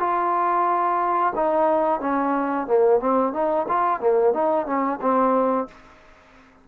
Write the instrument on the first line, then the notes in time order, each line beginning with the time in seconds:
trombone
0.00 F4
1.36 D#4
2.01 C#4
2.67 A#3
3.01 C4
3.33 D#4
3.69 F4
4.01 A#3
4.34 D#4
4.67 C#4
5.02 C4